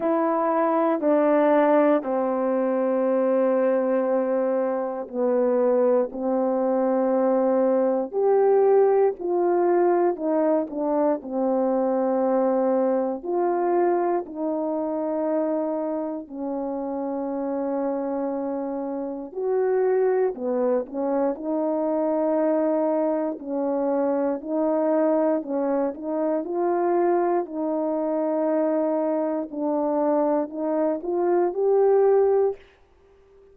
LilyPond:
\new Staff \with { instrumentName = "horn" } { \time 4/4 \tempo 4 = 59 e'4 d'4 c'2~ | c'4 b4 c'2 | g'4 f'4 dis'8 d'8 c'4~ | c'4 f'4 dis'2 |
cis'2. fis'4 | b8 cis'8 dis'2 cis'4 | dis'4 cis'8 dis'8 f'4 dis'4~ | dis'4 d'4 dis'8 f'8 g'4 | }